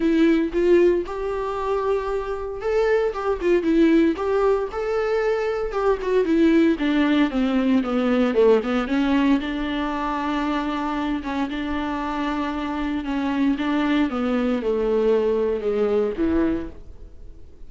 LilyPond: \new Staff \with { instrumentName = "viola" } { \time 4/4 \tempo 4 = 115 e'4 f'4 g'2~ | g'4 a'4 g'8 f'8 e'4 | g'4 a'2 g'8 fis'8 | e'4 d'4 c'4 b4 |
a8 b8 cis'4 d'2~ | d'4. cis'8 d'2~ | d'4 cis'4 d'4 b4 | a2 gis4 e4 | }